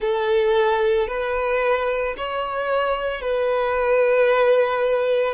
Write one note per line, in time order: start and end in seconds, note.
0.00 1.07 A4
1.07 2.14 B4
2.17 3.21 C#5
3.21 5.34 B4